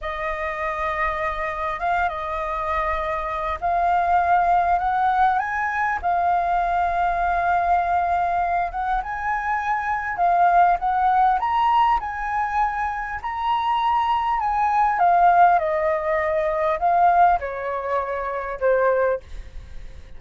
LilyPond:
\new Staff \with { instrumentName = "flute" } { \time 4/4 \tempo 4 = 100 dis''2. f''8 dis''8~ | dis''2 f''2 | fis''4 gis''4 f''2~ | f''2~ f''8 fis''8 gis''4~ |
gis''4 f''4 fis''4 ais''4 | gis''2 ais''2 | gis''4 f''4 dis''2 | f''4 cis''2 c''4 | }